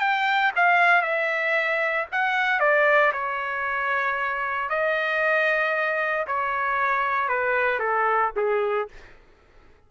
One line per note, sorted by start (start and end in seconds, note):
0.00 0.52 G5
0.56 1.02 F5
1.02 2.06 E5
2.12 2.60 F#5
2.60 3.12 D5
3.13 4.70 C#5
4.70 6.26 D#5
6.27 7.29 C#5
7.29 7.80 B4
7.80 8.32 A4
8.36 8.89 G#4